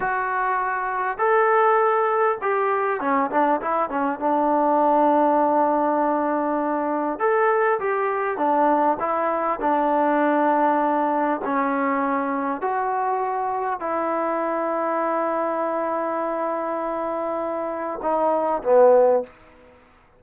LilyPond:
\new Staff \with { instrumentName = "trombone" } { \time 4/4 \tempo 4 = 100 fis'2 a'2 | g'4 cis'8 d'8 e'8 cis'8 d'4~ | d'1 | a'4 g'4 d'4 e'4 |
d'2. cis'4~ | cis'4 fis'2 e'4~ | e'1~ | e'2 dis'4 b4 | }